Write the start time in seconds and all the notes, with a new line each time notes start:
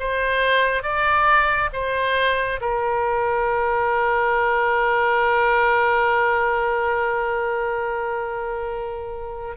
0.00 C5
0.83 D5
1.73 C5
2.61 A#4